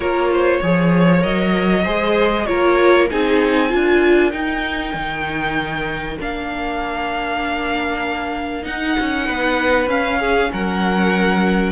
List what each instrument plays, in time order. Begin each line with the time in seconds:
0.00 cello A#3, viola F4, violin A#4 C#5
0.32 violin C5
0.60 cello F3, viola G#4, violin C#5
1.19 cello F#3, viola A#4, violin D#5
1.83 cello G#3, viola G#4, violin C5
2.45 cello A#3, viola F4, violin A#4 C#5
3.10 cello C4, viola D#4, violin G#4 G#5
3.68 cello D4, viola F4, violin A#4
4.31 viola D#4, cello D#4, violin G5
4.93 cello D#3
6.19 cello A#3, viola D4, violin F5
8.62 viola D#4, cello D#4, violin F#5
8.99 cello C#4
9.26 cello B3, violin B4
9.87 cello C#4, viola C#4, violin F5
10.19 violin G#4
10.52 cello F#3, violin A#4 F#5